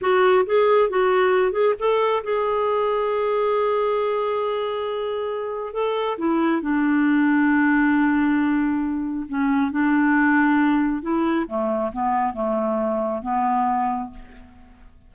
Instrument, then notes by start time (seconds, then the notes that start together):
clarinet
0.01 F#4
0.46 G#4
0.89 F#4
1.52 G#4
1.79 A4
2.23 G#4
5.73 A4
6.18 E4
6.61 D4
9.28 C#4
9.71 D4
11.02 E4
11.47 A3
11.92 B3
12.33 A3
13.22 B3